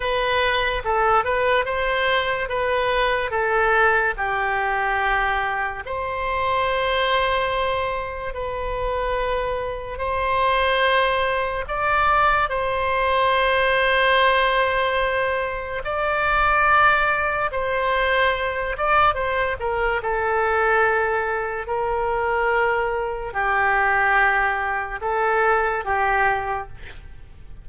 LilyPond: \new Staff \with { instrumentName = "oboe" } { \time 4/4 \tempo 4 = 72 b'4 a'8 b'8 c''4 b'4 | a'4 g'2 c''4~ | c''2 b'2 | c''2 d''4 c''4~ |
c''2. d''4~ | d''4 c''4. d''8 c''8 ais'8 | a'2 ais'2 | g'2 a'4 g'4 | }